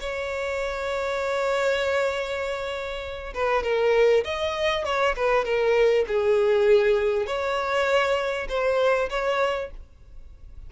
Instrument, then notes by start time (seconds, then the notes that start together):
violin
0.00 C#5
3.34 B4
3.63 A#4
4.24 D#5
4.85 C#5
5.16 B4
5.45 A#4
6.08 G#4
7.26 C#5
8.48 C5
9.10 C#5